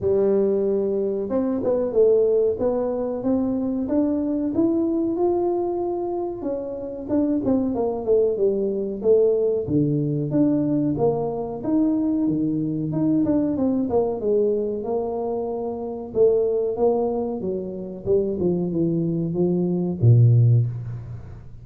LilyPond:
\new Staff \with { instrumentName = "tuba" } { \time 4/4 \tempo 4 = 93 g2 c'8 b8 a4 | b4 c'4 d'4 e'4 | f'2 cis'4 d'8 c'8 | ais8 a8 g4 a4 d4 |
d'4 ais4 dis'4 dis4 | dis'8 d'8 c'8 ais8 gis4 ais4~ | ais4 a4 ais4 fis4 | g8 f8 e4 f4 ais,4 | }